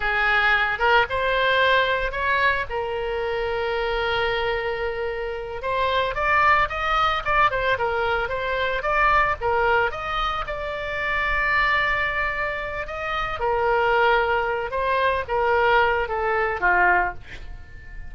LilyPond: \new Staff \with { instrumentName = "oboe" } { \time 4/4 \tempo 4 = 112 gis'4. ais'8 c''2 | cis''4 ais'2.~ | ais'2~ ais'8 c''4 d''8~ | d''8 dis''4 d''8 c''8 ais'4 c''8~ |
c''8 d''4 ais'4 dis''4 d''8~ | d''1 | dis''4 ais'2~ ais'8 c''8~ | c''8 ais'4. a'4 f'4 | }